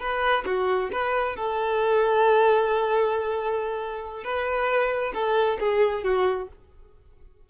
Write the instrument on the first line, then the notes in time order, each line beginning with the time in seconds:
violin
0.00 B4
0.45 F#4
0.92 B4
1.36 A4
4.24 B4
5.14 A4
5.60 G#4
6.03 F#4